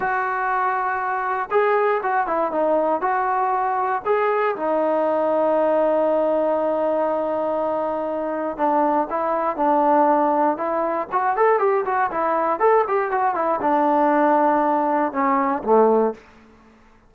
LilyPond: \new Staff \with { instrumentName = "trombone" } { \time 4/4 \tempo 4 = 119 fis'2. gis'4 | fis'8 e'8 dis'4 fis'2 | gis'4 dis'2.~ | dis'1~ |
dis'4 d'4 e'4 d'4~ | d'4 e'4 fis'8 a'8 g'8 fis'8 | e'4 a'8 g'8 fis'8 e'8 d'4~ | d'2 cis'4 a4 | }